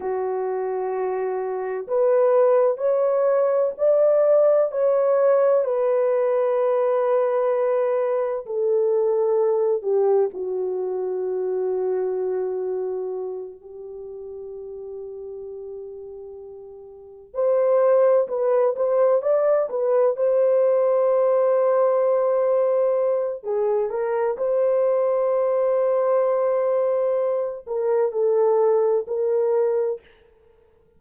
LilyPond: \new Staff \with { instrumentName = "horn" } { \time 4/4 \tempo 4 = 64 fis'2 b'4 cis''4 | d''4 cis''4 b'2~ | b'4 a'4. g'8 fis'4~ | fis'2~ fis'8 g'4.~ |
g'2~ g'8 c''4 b'8 | c''8 d''8 b'8 c''2~ c''8~ | c''4 gis'8 ais'8 c''2~ | c''4. ais'8 a'4 ais'4 | }